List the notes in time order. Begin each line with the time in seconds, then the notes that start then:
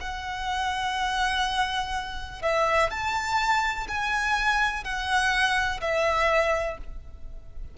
0.00 F#5
2.42 E5
2.90 A5
3.88 G#5
4.83 F#5
5.81 E5